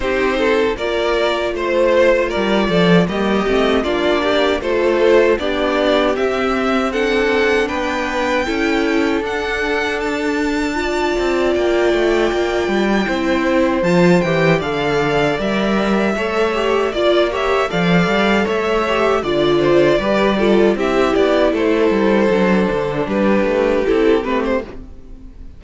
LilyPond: <<
  \new Staff \with { instrumentName = "violin" } { \time 4/4 \tempo 4 = 78 c''4 d''4 c''4 d''4 | dis''4 d''4 c''4 d''4 | e''4 fis''4 g''2 | fis''4 a''2 g''4~ |
g''2 a''8 g''8 f''4 | e''2 d''8 e''8 f''4 | e''4 d''2 e''8 d''8 | c''2 b'4 a'8 b'16 c''16 | }
  \new Staff \with { instrumentName = "violin" } { \time 4/4 g'8 a'8 ais'4 c''4 ais'8 a'8 | g'4 f'8 g'8 a'4 g'4~ | g'4 a'4 b'4 a'4~ | a'2 d''2~ |
d''4 c''2 d''4~ | d''4 cis''4 d''8 cis''8 d''4 | cis''4 d''8 c''8 b'8 a'8 g'4 | a'2 g'2 | }
  \new Staff \with { instrumentName = "viola" } { \time 4/4 dis'4 f'2. | ais8 c'8 d'4 f'4 d'4 | c'4 d'2 e'4 | d'2 f'2~ |
f'4 e'4 f'8 g'8 a'4 | ais'4 a'8 g'8 f'8 g'8 a'4~ | a'8 g'8 f'4 g'8 f'8 e'4~ | e'4 d'2 e'8 c'8 | }
  \new Staff \with { instrumentName = "cello" } { \time 4/4 c'4 ais4 a4 g8 f8 | g8 a8 ais4 a4 b4 | c'2 b4 cis'4 | d'2~ d'8 c'8 ais8 a8 |
ais8 g8 c'4 f8 e8 d4 | g4 a4 ais4 f8 g8 | a4 d4 g4 c'8 b8 | a8 g8 fis8 d8 g8 a8 c'8 a8 | }
>>